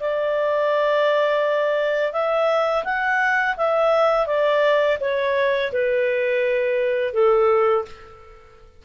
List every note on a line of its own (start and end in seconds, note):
0.00 2.13 D5
2.13 2.84 E5
2.85 3.56 F#5
3.57 4.27 E5
4.27 4.98 D5
5.01 5.72 C#5
5.72 7.14 B4
7.14 7.85 A4